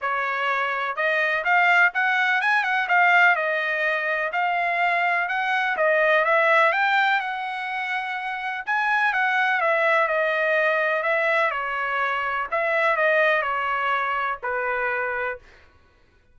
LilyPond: \new Staff \with { instrumentName = "trumpet" } { \time 4/4 \tempo 4 = 125 cis''2 dis''4 f''4 | fis''4 gis''8 fis''8 f''4 dis''4~ | dis''4 f''2 fis''4 | dis''4 e''4 g''4 fis''4~ |
fis''2 gis''4 fis''4 | e''4 dis''2 e''4 | cis''2 e''4 dis''4 | cis''2 b'2 | }